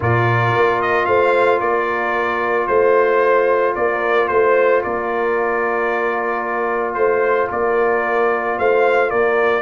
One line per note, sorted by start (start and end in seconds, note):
0.00 0.54 A#2
0.00 9.61 F4
0.00 1.05 A#4
0.00 0.81 D5
0.56 1.07 A#3
0.81 1.05 D#5
1.05 1.60 A3
1.05 1.61 C5
1.05 1.59 F5
1.60 2.67 A#3
1.60 2.67 A#4
1.60 2.67 D5
2.67 3.75 A3
2.67 3.74 C5
3.75 4.29 A#3
3.75 4.29 A#4
3.75 4.28 D5
4.28 4.83 A3
4.28 4.81 C5
4.28 4.83 C5
4.83 6.95 A#3
4.83 6.96 A#4
4.83 6.94 D5
6.94 7.49 A3
6.94 7.47 C5
6.94 7.50 C5
7.51 8.58 A#3
7.51 8.57 A#4
7.51 8.58 D5
8.57 9.11 A3
8.57 9.09 C5
8.57 9.09 F5
9.09 9.61 A#3
9.09 9.61 A#4
9.09 9.61 D5